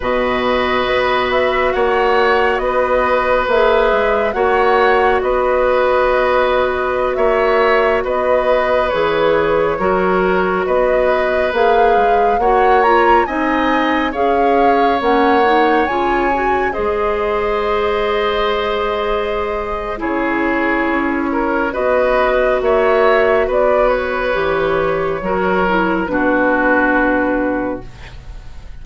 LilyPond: <<
  \new Staff \with { instrumentName = "flute" } { \time 4/4 \tempo 4 = 69 dis''4. e''8 fis''4 dis''4 | e''4 fis''4 dis''2~ | dis''16 e''4 dis''4 cis''4.~ cis''16~ | cis''16 dis''4 f''4 fis''8 ais''8 gis''8.~ |
gis''16 f''4 fis''4 gis''4 dis''8.~ | dis''2. cis''4~ | cis''4 dis''4 e''4 d''8 cis''8~ | cis''2 b'2 | }
  \new Staff \with { instrumentName = "oboe" } { \time 4/4 b'2 cis''4 b'4~ | b'4 cis''4 b'2~ | b'16 cis''4 b'2 ais'8.~ | ais'16 b'2 cis''4 dis''8.~ |
dis''16 cis''2. c''8.~ | c''2. gis'4~ | gis'8 ais'8 b'4 cis''4 b'4~ | b'4 ais'4 fis'2 | }
  \new Staff \with { instrumentName = "clarinet" } { \time 4/4 fis'1 | gis'4 fis'2.~ | fis'2~ fis'16 gis'4 fis'8.~ | fis'4~ fis'16 gis'4 fis'8 f'8 dis'8.~ |
dis'16 gis'4 cis'8 dis'8 f'8 fis'8 gis'8.~ | gis'2. e'4~ | e'4 fis'2. | g'4 fis'8 e'8 d'2 | }
  \new Staff \with { instrumentName = "bassoon" } { \time 4/4 b,4 b4 ais4 b4 | ais8 gis8 ais4 b2~ | b16 ais4 b4 e4 fis8.~ | fis16 b4 ais8 gis8 ais4 c'8.~ |
c'16 cis'4 ais4 cis4 gis8.~ | gis2. cis4 | cis'4 b4 ais4 b4 | e4 fis4 b,2 | }
>>